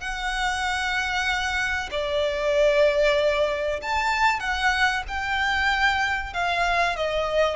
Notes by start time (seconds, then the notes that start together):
0.00 F#5
1.91 D5
3.82 A5
4.40 F#5
5.08 G5
6.33 F5
6.96 D#5